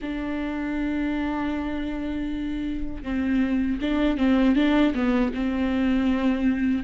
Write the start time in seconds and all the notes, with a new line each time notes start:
0.01 D4
3.03 C4
3.81 D4
4.17 C4
4.55 D4
4.94 B3
5.34 C4